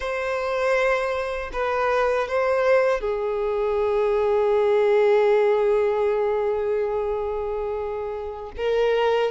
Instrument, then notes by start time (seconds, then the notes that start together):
violin
0.00 C5
1.53 B4
2.28 C5
3.00 G#4
8.56 A#4